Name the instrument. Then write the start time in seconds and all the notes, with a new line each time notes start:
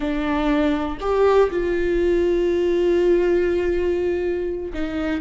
viola
0.00 D4
1.00 G4
1.50 F4
4.73 D#4